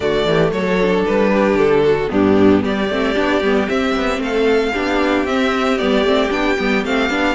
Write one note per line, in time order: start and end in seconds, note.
0.00 0.25 D3
0.00 0.79 A3
0.00 0.27 F#4
0.00 0.50 D5
0.25 0.51 E3
0.25 0.53 G4
0.52 1.04 F#3
0.52 1.30 A4
0.52 1.04 C#5
0.82 2.08 D4
1.05 1.54 G3
1.05 1.58 B4
1.30 1.83 G4
1.54 2.07 D3
1.54 2.10 A4
1.84 2.11 F#4
2.08 2.62 G2
2.08 2.87 B3
2.08 2.63 D4
2.08 2.64 G4
2.62 2.89 G3
2.62 4.21 G4
2.62 3.69 D5
2.89 3.15 A3
2.89 3.15 C4
3.15 3.41 B3
3.15 3.42 D4
3.41 3.68 G3
3.41 3.68 B3
3.68 4.73 C4
3.68 3.95 C4
3.68 4.21 E5
3.95 4.18 B3
4.18 4.71 A3
4.18 4.72 A4
4.18 5.26 F5
4.72 5.25 B3
4.72 5.26 D4
4.72 7.34 G4
5.25 5.78 C4
5.25 5.79 C4
5.25 5.78 E5
5.78 6.03 G3
5.78 6.05 B3
5.78 6.30 D5
6.03 6.29 A3
6.03 6.30 C4
6.30 6.57 B3
6.30 6.56 D4
6.30 6.84 G5
6.58 6.84 G3
6.58 6.84 B3
6.84 7.10 A3
6.84 7.10 C4
6.84 7.34 F5
7.10 7.34 B3
7.10 7.34 D4